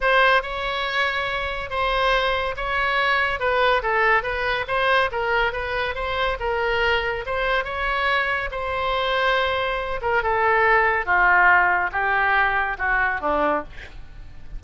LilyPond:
\new Staff \with { instrumentName = "oboe" } { \time 4/4 \tempo 4 = 141 c''4 cis''2. | c''2 cis''2 | b'4 a'4 b'4 c''4 | ais'4 b'4 c''4 ais'4~ |
ais'4 c''4 cis''2 | c''2.~ c''8 ais'8 | a'2 f'2 | g'2 fis'4 d'4 | }